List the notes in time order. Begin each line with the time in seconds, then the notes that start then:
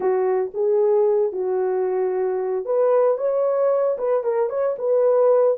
0.00 F#4
0.54 G#4
1.32 F#4
2.65 B4
3.17 C#5
3.98 B4
4.23 A#4
4.49 C#5
4.78 B4